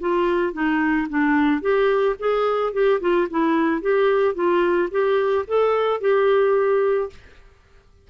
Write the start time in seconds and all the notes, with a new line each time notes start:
0.00 F4
0.53 D#4
1.09 D4
1.61 G4
2.19 G#4
2.73 G4
3.00 F4
3.30 E4
3.81 G4
4.34 F4
4.91 G4
5.47 A4
6.00 G4